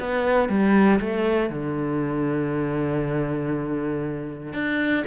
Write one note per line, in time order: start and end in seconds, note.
0.00 0.49 B3
0.49 1.00 G3
1.00 1.50 A3
1.50 4.54 D3
4.54 5.05 D4